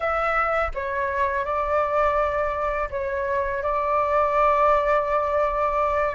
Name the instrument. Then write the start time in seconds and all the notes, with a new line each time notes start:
flute
0.00 E5
0.74 C#5
1.44 D5
2.90 C#5
3.62 D5